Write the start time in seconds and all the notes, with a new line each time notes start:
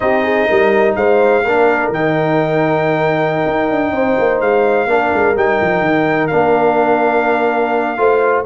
0.00 C4 D#4 G4 D#5
0.22 G#4
0.48 G3 A#4
0.95 G#3 C5 F5
1.43 A#3 D4 A#4
1.89 D#3 D#4 G5
3.46 D#4
3.69 D4
3.92 C4 C5
4.18 A#3
4.40 G#3 F5
4.86 A#3 D4 A#4
5.14 G#3
5.35 G3 D#4 G5
5.61 F3
5.80 D#3
6.27 A#3 D4 F5
7.97 A3 F4 C5